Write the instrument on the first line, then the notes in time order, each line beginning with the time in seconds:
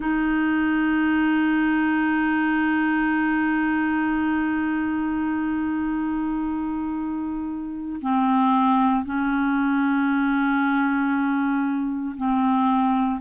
clarinet
0.00 D#4
8.01 C4
9.05 C#4
12.16 C4